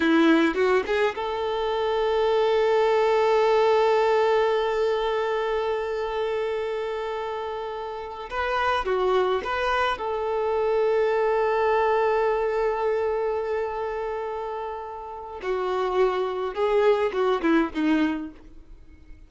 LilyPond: \new Staff \with { instrumentName = "violin" } { \time 4/4 \tempo 4 = 105 e'4 fis'8 gis'8 a'2~ | a'1~ | a'1~ | a'2~ a'8 b'4 fis'8~ |
fis'8 b'4 a'2~ a'8~ | a'1~ | a'2. fis'4~ | fis'4 gis'4 fis'8 e'8 dis'4 | }